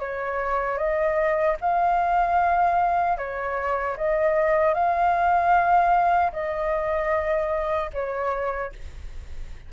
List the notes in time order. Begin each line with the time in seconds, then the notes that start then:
0.00 C#5
0.78 D#5
1.61 F5
3.18 C#5
3.97 D#5
4.74 F5
6.33 D#5
7.94 C#5